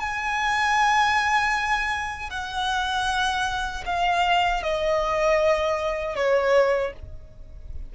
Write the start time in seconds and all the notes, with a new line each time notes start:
0.00 G#5
2.30 F#5
3.86 F5
4.63 D#5
6.16 C#5